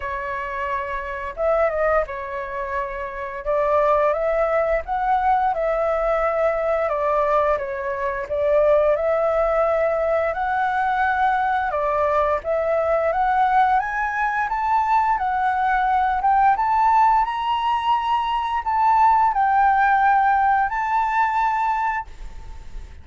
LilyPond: \new Staff \with { instrumentName = "flute" } { \time 4/4 \tempo 4 = 87 cis''2 e''8 dis''8 cis''4~ | cis''4 d''4 e''4 fis''4 | e''2 d''4 cis''4 | d''4 e''2 fis''4~ |
fis''4 d''4 e''4 fis''4 | gis''4 a''4 fis''4. g''8 | a''4 ais''2 a''4 | g''2 a''2 | }